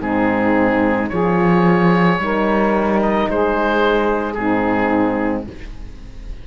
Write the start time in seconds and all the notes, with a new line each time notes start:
0.00 G#2 C4 D#4 G#4
1.09 F3 F4 G#4 C#5
2.18 G3 D#4 A#4
3.02 D#5
3.29 G#3 G#4 C5
4.33 G#2 C4 D#4 G#4